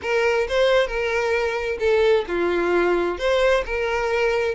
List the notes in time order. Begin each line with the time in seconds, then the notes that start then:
0.02 A#4
0.48 C5
0.87 A#4
1.79 A4
2.27 F4
3.18 C5
3.65 A#4